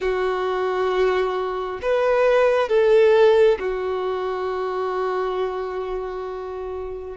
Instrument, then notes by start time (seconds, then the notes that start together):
violin
0.00 F#4
1.82 B4
2.69 A4
3.59 F#4